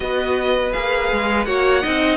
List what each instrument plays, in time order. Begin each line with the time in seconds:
0.00 cello B3, viola F#4, violin B4 D#5
0.72 cello A#3, viola G#4, violin F5
1.12 cello G#3
1.45 cello A#3, viola F#4, violin C#5 F#5
1.82 cello C4, viola D#4, violin D#5